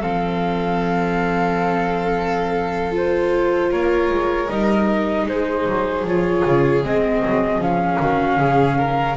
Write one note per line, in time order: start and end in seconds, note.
0.00 3.73 F3
0.00 2.91 C4
0.00 3.70 A4
0.00 2.94 F5
2.91 4.47 F4
2.91 3.72 C5
3.71 4.10 A#3
3.71 5.27 A#4
3.71 4.50 C#5
4.10 4.49 G#3
4.50 5.27 G3
4.50 6.06 D#4
4.50 5.28 D#5
5.27 5.66 G#3
5.27 8.02 G#4
5.27 6.06 C5
5.66 6.04 F#3
6.04 6.43 F3
6.04 6.84 F4
6.04 6.85 C#5
6.46 6.84 C#3
6.84 7.23 G#3
6.84 7.61 C4
6.84 7.62 D#5
7.25 7.58 F#3
7.58 7.97 F3
7.58 9.17 C#4
7.58 9.17 F5
8.00 8.39 D#3
8.00 8.39 F#4
8.39 9.17 C#3
8.39 8.78 G#4
8.78 9.17 A#4